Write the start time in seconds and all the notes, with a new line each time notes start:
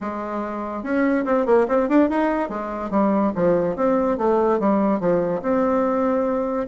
0.00 G#3
0.83 C#4
1.25 C4
1.46 A#3
1.68 C4
1.88 D4
2.09 D#4
2.49 G#3
2.90 G3
3.35 F3
3.76 C4
4.17 A3
4.59 G3
5.00 F3
5.42 C4